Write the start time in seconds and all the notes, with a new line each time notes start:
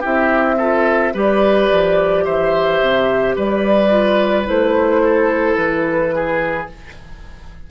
0.00 C4 E4 G4 E5
0.58 F4 A4
1.14 G3 G4 B4 D5
1.72 F3
2.24 E3 C5 E5
2.81 C3
3.36 G3 B4 D5
3.90 F4
4.45 A3 E4 C5
5.04 A4
5.57 E3 B4
6.15 G#4